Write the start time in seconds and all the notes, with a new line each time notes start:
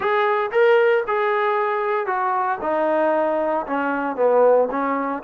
0.00 G#4
0.51 A#4
1.07 G#4
2.06 F#4
2.61 D#4
3.66 C#4
4.16 B3
4.70 C#4